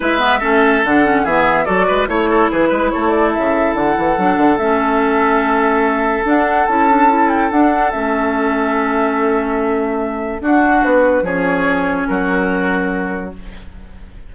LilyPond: <<
  \new Staff \with { instrumentName = "flute" } { \time 4/4 \tempo 4 = 144 e''2 fis''4 e''4 | d''4 cis''4 b'4 cis''8 d''8 | e''4 fis''2 e''4~ | e''2. fis''4 |
a''4. g''8 fis''4 e''4~ | e''1~ | e''4 fis''4 b'4 cis''4~ | cis''4 ais'2. | }
  \new Staff \with { instrumentName = "oboe" } { \time 4/4 b'4 a'2 gis'4 | a'8 b'8 cis''8 a'8 gis'8 b'8 a'4~ | a'1~ | a'1~ |
a'1~ | a'1~ | a'4 fis'2 gis'4~ | gis'4 fis'2. | }
  \new Staff \with { instrumentName = "clarinet" } { \time 4/4 e'8 b8 cis'4 d'8 cis'8 b4 | fis'4 e'2.~ | e'2 d'4 cis'4~ | cis'2. d'4 |
e'8 d'8 e'4 d'4 cis'4~ | cis'1~ | cis'4 d'2 cis'4~ | cis'1 | }
  \new Staff \with { instrumentName = "bassoon" } { \time 4/4 gis4 a4 d4 e4 | fis8 gis8 a4 e8 gis8 a4 | cis4 d8 e8 fis8 d8 a4~ | a2. d'4 |
cis'2 d'4 a4~ | a1~ | a4 d'4 b4 f4~ | f4 fis2. | }
>>